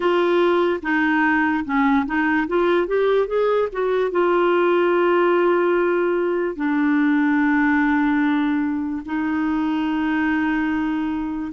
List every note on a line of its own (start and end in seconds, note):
0.00 0.80 F4
0.82 1.64 D#4
1.64 2.05 C#4
2.05 2.47 D#4
2.47 2.87 F4
2.87 3.27 G4
3.27 3.68 G#4
3.72 4.11 F#4
4.11 6.56 F4
6.56 9.02 D4
9.05 11.52 D#4